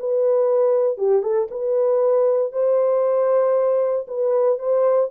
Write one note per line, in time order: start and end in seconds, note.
0.00 0.98 B4
0.98 1.23 G4
1.23 1.48 A4
1.51 2.53 B4
2.53 4.07 C5
4.08 4.59 B4
4.59 5.10 C5